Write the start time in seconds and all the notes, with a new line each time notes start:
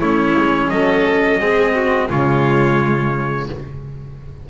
0.00 A3 C#4 E4 C#5
0.38 G#3
0.70 F#3 A4 D#5
1.40 G#3 C4 G#4
1.75 F#4
2.09 C#3 G#3 F4 C#5